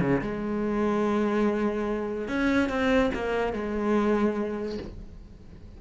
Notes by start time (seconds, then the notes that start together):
0.00 C#3
0.21 G#3
2.28 C#4
2.69 C4
3.14 A#3
3.53 G#3